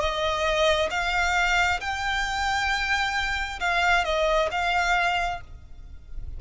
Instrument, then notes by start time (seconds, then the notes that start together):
violin
0.00 D#5
0.90 F5
1.80 G5
3.60 F5
4.05 D#5
4.51 F5